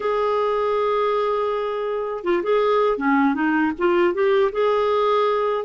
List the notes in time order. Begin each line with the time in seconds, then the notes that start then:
0.00 G#4
2.24 F4
2.43 G#4
2.97 C#4
3.34 D#4
3.78 F4
4.14 G4
4.52 G#4